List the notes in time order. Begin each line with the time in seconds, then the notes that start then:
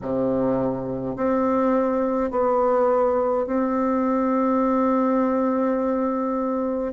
0.01 C3
1.15 C4
2.31 B3
3.46 C4